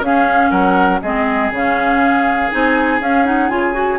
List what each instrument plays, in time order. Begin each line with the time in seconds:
0.00 bassoon C#4, clarinet C#4, oboe G#4, flute F5
0.50 bassoon F#3, oboe A#4, flute F#5
1.01 bassoon G#3, clarinet C4, oboe G#4, flute D#5
1.51 bassoon C#3, clarinet C#4, flute F5
2.50 bassoon C4, clarinet D#4, flute G#5
2.99 bassoon C#4, clarinet C#4, flute F5
3.24 clarinet D#4, flute F#5
3.49 bassoon C#3, clarinet F4, flute G#5
3.73 clarinet F#4